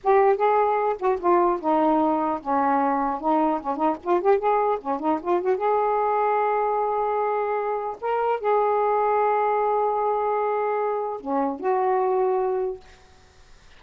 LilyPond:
\new Staff \with { instrumentName = "saxophone" } { \time 4/4 \tempo 4 = 150 g'4 gis'4. fis'8 f'4 | dis'2 cis'2 | dis'4 cis'8 dis'8 f'8 g'8 gis'4 | cis'8 dis'8 f'8 fis'8 gis'2~ |
gis'1 | ais'4 gis'2.~ | gis'1 | cis'4 fis'2. | }